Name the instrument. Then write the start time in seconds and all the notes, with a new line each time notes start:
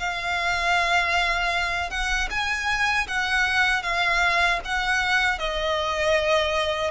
violin
0.00 F5
1.91 F#5
2.30 G#5
3.08 F#5
3.83 F5
4.65 F#5
5.39 D#5